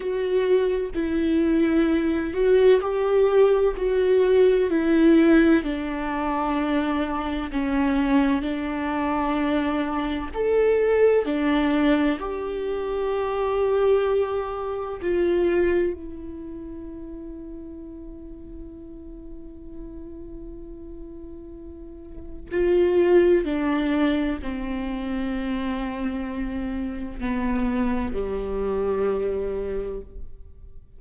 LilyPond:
\new Staff \with { instrumentName = "viola" } { \time 4/4 \tempo 4 = 64 fis'4 e'4. fis'8 g'4 | fis'4 e'4 d'2 | cis'4 d'2 a'4 | d'4 g'2. |
f'4 e'2.~ | e'1 | f'4 d'4 c'2~ | c'4 b4 g2 | }